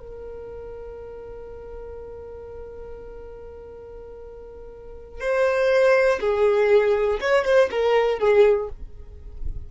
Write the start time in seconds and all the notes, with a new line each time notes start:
0.00 A#4
5.21 C5
6.21 G#4
7.21 C#5
7.45 C5
7.71 A#4
8.20 G#4